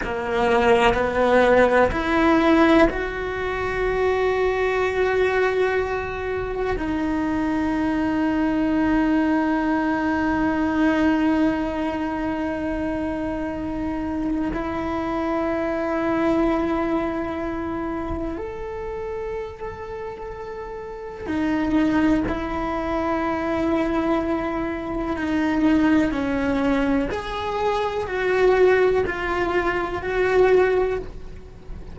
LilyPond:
\new Staff \with { instrumentName = "cello" } { \time 4/4 \tempo 4 = 62 ais4 b4 e'4 fis'4~ | fis'2. dis'4~ | dis'1~ | dis'2. e'4~ |
e'2. a'4~ | a'2 dis'4 e'4~ | e'2 dis'4 cis'4 | gis'4 fis'4 f'4 fis'4 | }